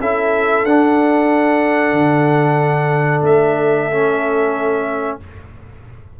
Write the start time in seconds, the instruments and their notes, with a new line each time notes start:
0.00 tuba C#4, trombone E4, horn A4, trumpet E5
0.63 tuba D4, trombone D4, trumpet F#5
1.93 tuba D3
3.22 tuba A3, trumpet E5
3.91 trombone C#4